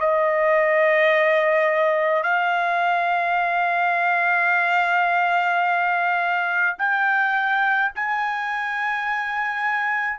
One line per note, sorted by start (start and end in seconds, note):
0.00 2.23 D#5
2.23 6.76 F5
6.78 7.91 G5
7.95 10.19 G#5